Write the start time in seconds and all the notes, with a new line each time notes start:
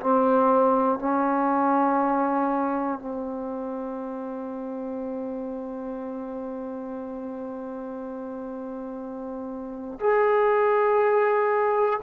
0.00 C4
0.99 C#4
3.00 C4
10.00 G#4